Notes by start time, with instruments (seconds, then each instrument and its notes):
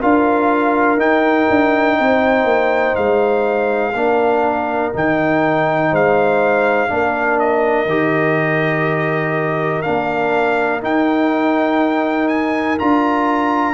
0.00 tuba D4, trombone F4, horn A#4, trumpet F5
0.97 tuba D#4, trombone D#4, trumpet G5
1.50 tuba D4
2.00 tuba C4, horn C5
2.44 tuba A#3
2.95 tuba G#3, trumpet F5
3.94 tuba A#3, trombone D4, horn A#4
4.93 tuba D#3, trombone D#4, trumpet G5
5.90 tuba G#3, horn C5, trumpet F5
6.88 tuba A#3, trombone D4, horn A#4
7.40 trumpet D#5
7.86 tuba D#3, trombone G4
9.82 tuba A#3, trombone D4, trumpet F5
10.81 trombone D#4, tuba D#4, trumpet G5
12.28 trumpet G#5
12.79 tuba D4, trombone F4, trumpet A#5